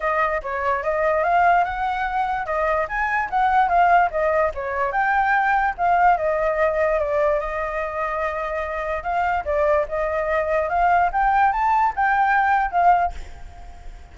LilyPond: \new Staff \with { instrumentName = "flute" } { \time 4/4 \tempo 4 = 146 dis''4 cis''4 dis''4 f''4 | fis''2 dis''4 gis''4 | fis''4 f''4 dis''4 cis''4 | g''2 f''4 dis''4~ |
dis''4 d''4 dis''2~ | dis''2 f''4 d''4 | dis''2 f''4 g''4 | a''4 g''2 f''4 | }